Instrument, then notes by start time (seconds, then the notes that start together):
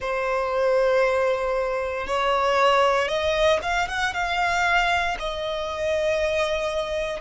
violin
0.00 C5
2.07 C#5
3.08 D#5
3.62 F5
3.87 F#5
4.13 F5
5.19 D#5